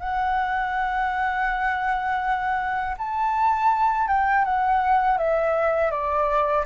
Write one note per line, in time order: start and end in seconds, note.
0.00 2.96 F#5
2.98 4.08 A5
4.08 4.45 G5
4.45 5.18 F#5
5.18 5.91 E5
5.91 6.65 D5